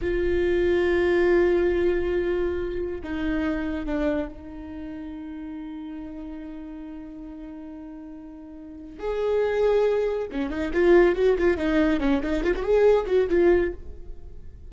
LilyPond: \new Staff \with { instrumentName = "viola" } { \time 4/4 \tempo 4 = 140 f'1~ | f'2. dis'4~ | dis'4 d'4 dis'2~ | dis'1~ |
dis'1~ | dis'4 gis'2. | cis'8 dis'8 f'4 fis'8 f'8 dis'4 | cis'8 dis'8 f'16 fis'16 gis'4 fis'8 f'4 | }